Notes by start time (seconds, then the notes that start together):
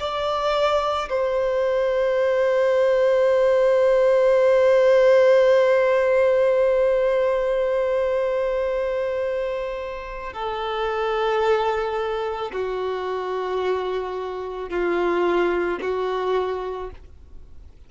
0.00 D5
1.10 C5
10.33 A4
12.52 F#4
14.70 F4
15.81 F#4